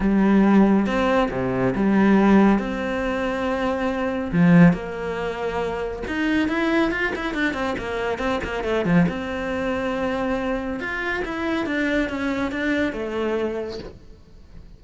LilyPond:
\new Staff \with { instrumentName = "cello" } { \time 4/4 \tempo 4 = 139 g2 c'4 c4 | g2 c'2~ | c'2 f4 ais4~ | ais2 dis'4 e'4 |
f'8 e'8 d'8 c'8 ais4 c'8 ais8 | a8 f8 c'2.~ | c'4 f'4 e'4 d'4 | cis'4 d'4 a2 | }